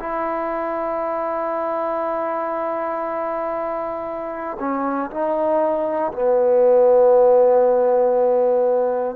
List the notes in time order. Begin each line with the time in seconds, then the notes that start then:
0.00 E4
4.59 C#4
5.11 D#4
6.13 B3